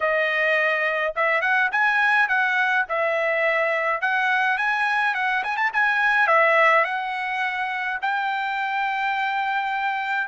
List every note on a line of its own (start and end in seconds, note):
0.00 1.14 D#5
1.15 1.41 E5
1.41 1.70 F#5
1.71 2.28 G#5
2.28 2.85 F#5
2.88 4.01 E5
4.01 4.57 F#5
4.57 5.14 G#5
5.14 5.43 F#5
5.43 5.56 G#5
5.56 5.71 A5
5.73 6.27 G#5
6.27 6.84 E5
6.84 7.98 F#5
8.01 10.27 G5